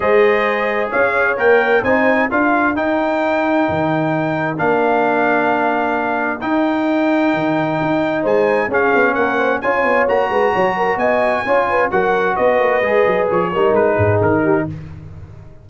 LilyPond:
<<
  \new Staff \with { instrumentName = "trumpet" } { \time 4/4 \tempo 4 = 131 dis''2 f''4 g''4 | gis''4 f''4 g''2~ | g''2 f''2~ | f''2 g''2~ |
g''2 gis''4 f''4 | fis''4 gis''4 ais''2 | gis''2 fis''4 dis''4~ | dis''4 cis''4 b'4 ais'4 | }
  \new Staff \with { instrumentName = "horn" } { \time 4/4 c''2 cis''2 | c''4 ais'2.~ | ais'1~ | ais'1~ |
ais'2 c''4 gis'4 | ais'8 c''8 cis''4. b'8 cis''8 ais'8 | dis''4 cis''8 b'8 ais'4 b'4~ | b'4. ais'4 gis'4 g'8 | }
  \new Staff \with { instrumentName = "trombone" } { \time 4/4 gis'2. ais'4 | dis'4 f'4 dis'2~ | dis'2 d'2~ | d'2 dis'2~ |
dis'2. cis'4~ | cis'4 f'4 fis'2~ | fis'4 f'4 fis'2 | gis'4. dis'2~ dis'8 | }
  \new Staff \with { instrumentName = "tuba" } { \time 4/4 gis2 cis'4 ais4 | c'4 d'4 dis'2 | dis2 ais2~ | ais2 dis'2 |
dis4 dis'4 gis4 cis'8 b8 | ais4 cis'8 b8 ais8 gis8 fis4 | b4 cis'4 fis4 b8 ais8 | gis8 fis8 f8 g8 gis8 gis,8 dis4 | }
>>